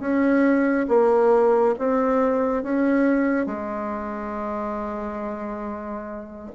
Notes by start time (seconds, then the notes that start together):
0.00 C#4
0.89 A#3
1.79 C4
2.64 C#4
3.47 G#3